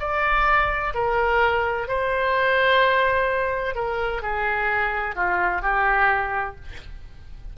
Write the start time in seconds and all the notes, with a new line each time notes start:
0.00 D5
0.95 A#4
1.88 C5
3.75 A#4
4.22 G#4
5.16 F4
5.62 G4